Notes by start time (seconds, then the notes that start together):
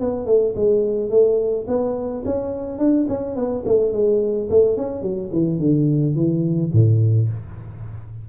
0.00 B3
0.26 A3
0.56 G#3
1.10 A3
1.68 B3
2.25 C#4
2.78 D4
3.08 C#4
3.35 B3
3.66 A3
3.92 G#3
4.50 A3
4.77 C#4
5.02 F#3
5.32 E3
5.59 D3
6.15 E3
6.73 A2